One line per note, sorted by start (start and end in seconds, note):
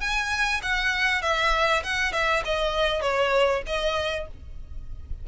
0.00 0.61 G#5
0.62 1.22 F#5
1.22 1.82 E5
1.83 2.12 F#5
2.12 2.42 E5
2.45 3.01 D#5
3.01 3.62 C#5
3.66 4.27 D#5